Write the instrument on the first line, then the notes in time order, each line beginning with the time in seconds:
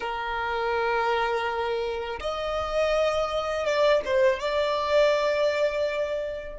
violin
0.00 A#4
2.20 D#5
3.66 D5
4.05 C5
4.39 D5